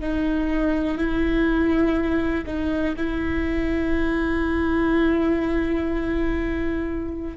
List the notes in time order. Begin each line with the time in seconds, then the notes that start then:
0.00 D#4
0.97 E4
2.45 D#4
2.96 E4